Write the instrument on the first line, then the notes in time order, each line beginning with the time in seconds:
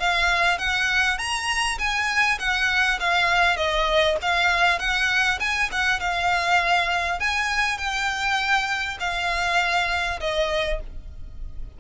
violin
0.00 F5
0.59 F#5
1.19 A#5
1.79 G#5
2.39 F#5
3.00 F5
3.57 D#5
4.22 F5
4.79 F#5
5.40 G#5
5.72 F#5
6.00 F5
7.20 G#5
7.78 G5
9.00 F5
10.21 D#5